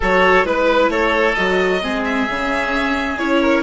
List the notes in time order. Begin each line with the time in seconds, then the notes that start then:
0.00 F#3 F#4 A4 C#5
0.44 G#3 E4 B4
0.89 A3 A4 C#5
1.34 F#3 F#4 D#5
1.81 G#3 C4 G#4
2.04 E5
2.29 C#3 C#4
3.17 C#4 E4 C#5
3.41 A#4